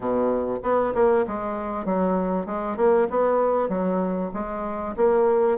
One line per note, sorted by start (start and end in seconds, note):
0.00 0.58 B2
0.62 0.93 B3
0.94 1.25 A#3
1.27 1.85 G#3
1.85 2.46 F#3
2.46 2.76 G#3
2.76 3.07 A#3
3.10 3.69 B3
3.69 4.30 F#3
4.33 4.95 G#3
4.96 5.58 A#3